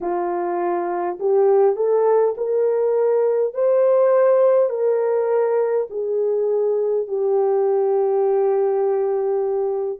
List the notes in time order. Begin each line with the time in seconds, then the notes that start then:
0.01 F4
1.19 G4
1.75 A4
2.37 A#4
3.53 C5
4.69 A#4
5.89 G#4
7.07 G4